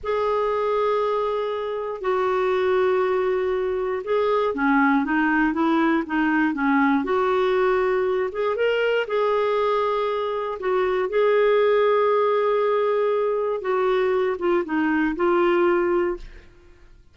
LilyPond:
\new Staff \with { instrumentName = "clarinet" } { \time 4/4 \tempo 4 = 119 gis'1 | fis'1 | gis'4 cis'4 dis'4 e'4 | dis'4 cis'4 fis'2~ |
fis'8 gis'8 ais'4 gis'2~ | gis'4 fis'4 gis'2~ | gis'2. fis'4~ | fis'8 f'8 dis'4 f'2 | }